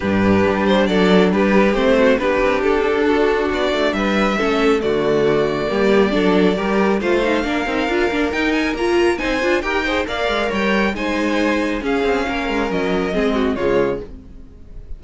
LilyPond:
<<
  \new Staff \with { instrumentName = "violin" } { \time 4/4 \tempo 4 = 137 b'4. c''8 d''4 b'4 | c''4 b'4 a'2 | d''4 e''2 d''4~ | d''1 |
f''2. g''8 gis''8 | ais''4 gis''4 g''4 f''4 | g''4 gis''2 f''4~ | f''4 dis''2 cis''4 | }
  \new Staff \with { instrumentName = "violin" } { \time 4/4 g'2 a'4 g'4~ | g'8 fis'8 g'2 fis'4~ | fis'4 b'4 a'4 fis'4~ | fis'4 g'4 a'4 ais'4 |
c''4 ais'2.~ | ais'4 c''4 ais'8 c''8 d''4 | cis''4 c''2 gis'4 | ais'2 gis'8 fis'8 f'4 | }
  \new Staff \with { instrumentName = "viola" } { \time 4/4 d'1 | c'4 d'2.~ | d'2 cis'4 a4~ | a4 ais4 d'4 g'4 |
f'8 dis'8 d'8 dis'8 f'8 d'8 dis'4 | f'4 dis'8 f'8 g'8 gis'8 ais'4~ | ais'4 dis'2 cis'4~ | cis'2 c'4 gis4 | }
  \new Staff \with { instrumentName = "cello" } { \time 4/4 g,4 g4 fis4 g4 | a4 b8 c'8 d'2 | b8 a8 g4 a4 d4~ | d4 g4 fis4 g4 |
a4 ais8 c'8 d'8 ais8 dis'4 | ais4 c'8 d'8 dis'4 ais8 gis8 | g4 gis2 cis'8 c'8 | ais8 gis8 fis4 gis4 cis4 | }
>>